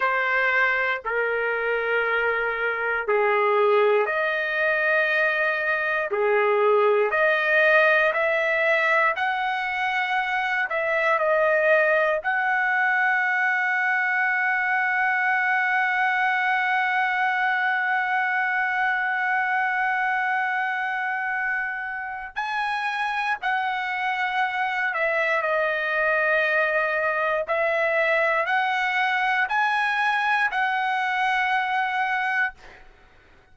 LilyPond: \new Staff \with { instrumentName = "trumpet" } { \time 4/4 \tempo 4 = 59 c''4 ais'2 gis'4 | dis''2 gis'4 dis''4 | e''4 fis''4. e''8 dis''4 | fis''1~ |
fis''1~ | fis''2 gis''4 fis''4~ | fis''8 e''8 dis''2 e''4 | fis''4 gis''4 fis''2 | }